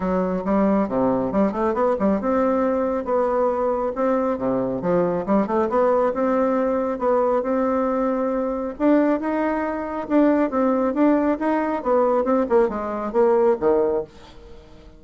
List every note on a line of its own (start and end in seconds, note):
0.00 0.43 F#3
0.44 0.88 G3
0.88 1.31 C3
1.31 1.52 G3
1.52 1.74 A3
1.74 1.96 B3
1.99 2.20 G3
2.20 3.04 C4
3.04 3.92 B3
3.95 4.38 C4
4.38 4.81 C3
4.81 5.25 F3
5.26 5.46 G3
5.46 5.68 A3
5.69 6.13 B3
6.13 6.98 C4
6.98 7.42 B3
7.42 8.74 C4
8.78 9.20 D4
9.20 10.07 D#4
10.08 10.50 D4
10.50 10.94 C4
10.94 11.38 D4
11.39 11.82 D#4
11.82 12.24 B3
12.24 12.46 C4
12.49 12.68 A#3
12.68 13.12 G#3
13.12 13.56 A#3
13.60 14.03 D#3